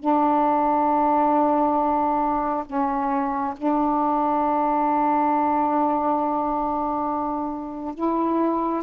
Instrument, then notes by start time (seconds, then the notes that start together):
saxophone
0.00 D4
2.66 C#4
3.57 D4
7.95 E4